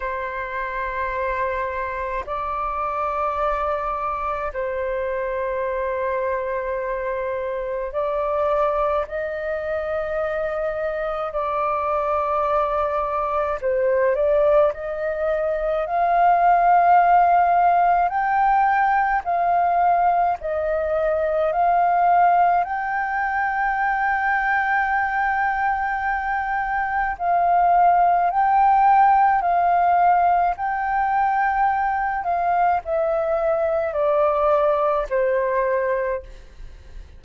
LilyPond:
\new Staff \with { instrumentName = "flute" } { \time 4/4 \tempo 4 = 53 c''2 d''2 | c''2. d''4 | dis''2 d''2 | c''8 d''8 dis''4 f''2 |
g''4 f''4 dis''4 f''4 | g''1 | f''4 g''4 f''4 g''4~ | g''8 f''8 e''4 d''4 c''4 | }